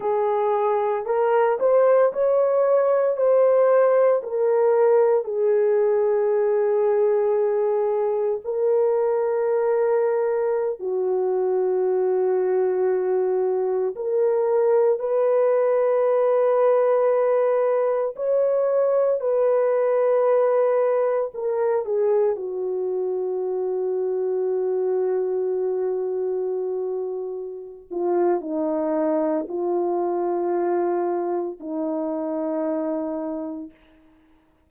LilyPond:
\new Staff \with { instrumentName = "horn" } { \time 4/4 \tempo 4 = 57 gis'4 ais'8 c''8 cis''4 c''4 | ais'4 gis'2. | ais'2~ ais'16 fis'4.~ fis'16~ | fis'4~ fis'16 ais'4 b'4.~ b'16~ |
b'4~ b'16 cis''4 b'4.~ b'16~ | b'16 ais'8 gis'8 fis'2~ fis'8.~ | fis'2~ fis'8 f'8 dis'4 | f'2 dis'2 | }